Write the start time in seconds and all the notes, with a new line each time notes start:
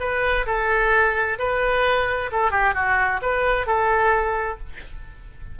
0.00 B4
0.46 A4
1.39 B4
2.32 A4
2.51 G4
2.74 F#4
3.22 B4
3.67 A4